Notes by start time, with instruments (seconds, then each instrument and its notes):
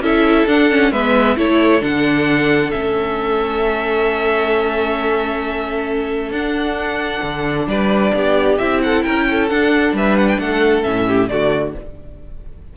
0.00 cello C#4, viola E4, violin A4 E5
0.46 cello D4, viola D4, violin F#5
0.69 viola C#4
0.91 cello G#3, viola B3, violin B4 E5
1.37 cello A3, viola E4, violin A4 C#5
1.81 cello D3, viola D4, violin F#5
2.71 cello A3, viola C#4, violin E5
6.31 cello D4, viola D4, violin F#5
7.23 cello D3
7.67 cello G3, violin B4 D5
8.14 cello B3, violin G4
8.58 cello C4, viola E4, violin E5
8.82 violin A4 F#5
9.03 cello C#4, violin A#4 G5
9.30 violin A4
9.49 viola D4, cello D4, violin F#5
9.93 cello G3, violin B4 E5
10.18 violin F#5
10.28 violin G5
10.39 cello A3, violin A4 F#5
10.83 cello A2, viola C#4, violin E5
11.07 violin G4
11.28 cello D3, viola A3, violin F#4 D5